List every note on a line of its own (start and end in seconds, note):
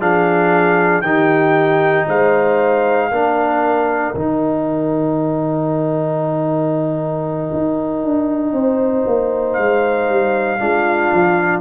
0.00 1.02 F3
0.00 1.03 D4
0.00 1.03 G#4
0.00 1.02 F5
1.02 2.05 D#3
1.02 3.11 D#4
1.02 2.07 G4
1.02 2.05 G5
2.08 3.11 G#3
2.08 3.10 C5
2.08 4.16 F5
3.10 4.15 A#3
3.10 4.15 D4
3.10 8.53 A#4
4.15 7.51 D#3
4.15 10.60 D#4
4.15 9.54 G5
7.53 8.05 D#4
8.05 8.53 D4
8.53 9.05 C4
8.53 10.61 C5
9.07 9.58 A#3
9.54 10.10 G#3
9.54 11.61 F5
10.10 10.61 G3
10.60 11.12 G#3
10.60 11.61 D4
10.60 11.61 F4
11.14 11.61 F3